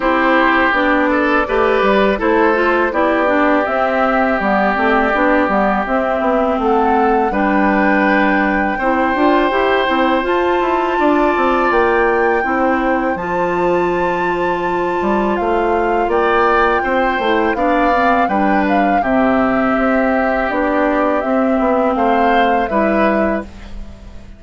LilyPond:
<<
  \new Staff \with { instrumentName = "flute" } { \time 4/4 \tempo 4 = 82 c''4 d''2 c''4 | d''4 e''4 d''2 | e''4 fis''4 g''2~ | g''2 a''2 |
g''2 a''2~ | a''4 f''4 g''2 | f''4 g''8 f''8 e''2 | d''4 e''4 f''4 e''4 | }
  \new Staff \with { instrumentName = "oboe" } { \time 4/4 g'4. a'8 b'4 a'4 | g'1~ | g'4 a'4 b'2 | c''2. d''4~ |
d''4 c''2.~ | c''2 d''4 c''4 | d''4 b'4 g'2~ | g'2 c''4 b'4 | }
  \new Staff \with { instrumentName = "clarinet" } { \time 4/4 e'4 d'4 g'4 e'8 f'8 | e'8 d'8 c'4 b8 c'8 d'8 b8 | c'2 d'2 | e'8 f'8 g'8 e'8 f'2~ |
f'4 e'4 f'2~ | f'2.~ f'8 e'8 | d'8 c'8 d'4 c'2 | d'4 c'2 e'4 | }
  \new Staff \with { instrumentName = "bassoon" } { \time 4/4 c'4 b4 a8 g8 a4 | b4 c'4 g8 a8 b8 g8 | c'8 b8 a4 g2 | c'8 d'8 e'8 c'8 f'8 e'8 d'8 c'8 |
ais4 c'4 f2~ | f8 g8 a4 ais4 c'8 a8 | b4 g4 c4 c'4 | b4 c'8 b8 a4 g4 | }
>>